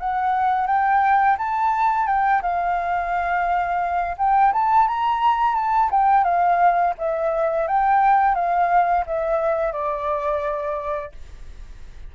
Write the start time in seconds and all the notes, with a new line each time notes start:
0.00 F#5
0.67 G5
1.38 A5
2.07 G5
2.43 F5
4.18 G5
4.53 A5
4.88 A#5
5.55 A5
5.91 G5
6.24 F5
6.98 E5
7.68 G5
8.35 F5
9.07 E5
9.73 D5